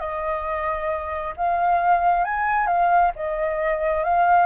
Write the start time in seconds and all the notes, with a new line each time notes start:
0.00 D#5
1.37 F5
2.25 G#5
2.67 F5
3.16 D#5
4.04 F5